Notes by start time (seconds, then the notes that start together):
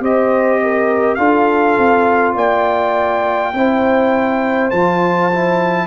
0.00 C4 G4 C5 D#5
0.63 A#4
1.15 D4 F4 A4 F5
1.78 C4
2.35 A#3 D5 G5
3.53 C4 E4 C5
4.71 F3 F4 A5
5.32 E4